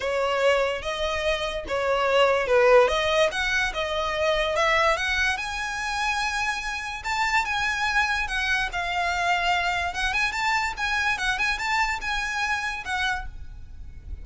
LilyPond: \new Staff \with { instrumentName = "violin" } { \time 4/4 \tempo 4 = 145 cis''2 dis''2 | cis''2 b'4 dis''4 | fis''4 dis''2 e''4 | fis''4 gis''2.~ |
gis''4 a''4 gis''2 | fis''4 f''2. | fis''8 gis''8 a''4 gis''4 fis''8 gis''8 | a''4 gis''2 fis''4 | }